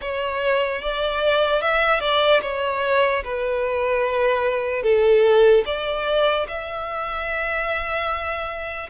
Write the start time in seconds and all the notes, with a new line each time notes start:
0.01 C#5
0.81 D5
1.61 E5
1.99 D5
2.41 C#5
3.24 B4
4.82 A4
5.65 D5
6.48 E5